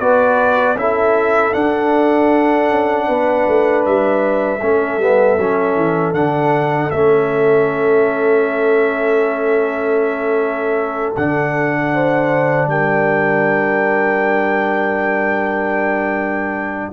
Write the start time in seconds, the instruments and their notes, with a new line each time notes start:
0.00 tuba B3, trombone F#4, horn B4, trumpet D5
0.76 tuba C#4, trombone E4, horn A4, trumpet E5
1.53 trombone D4, tuba D4, trumpet F#5
2.70 tuba C#4
3.08 tuba B3, horn B4
3.48 tuba A3
3.86 tuba G3, trumpet E5
4.62 tuba A3, trombone C#4, horn A4
4.99 tuba G3, trombone B3
5.38 tuba F#3, trombone C#4
5.76 tuba E3
6.14 tuba D3, trombone D4, trumpet F#5
6.91 tuba A3, trombone C#4, trumpet E5
11.17 tuba D3, trombone D4, trumpet F#5
11.95 horn C5
12.68 tuba G3, horn A#4, trumpet G5